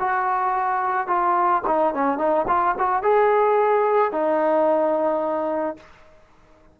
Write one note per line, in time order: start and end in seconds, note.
0.00 1.07 F#4
1.07 1.62 F4
1.67 1.94 D#4
1.94 2.18 C#4
2.18 2.46 D#4
2.48 2.75 F4
2.78 3.03 F#4
3.03 4.12 G#4
4.12 5.77 D#4